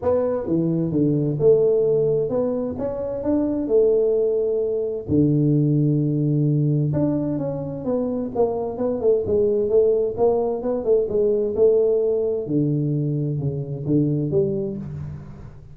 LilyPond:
\new Staff \with { instrumentName = "tuba" } { \time 4/4 \tempo 4 = 130 b4 e4 d4 a4~ | a4 b4 cis'4 d'4 | a2. d4~ | d2. d'4 |
cis'4 b4 ais4 b8 a8 | gis4 a4 ais4 b8 a8 | gis4 a2 d4~ | d4 cis4 d4 g4 | }